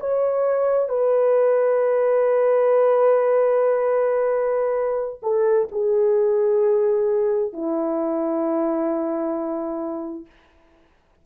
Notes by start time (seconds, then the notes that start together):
0.00 C#5
0.88 B4
5.22 A4
5.71 G#4
7.52 E4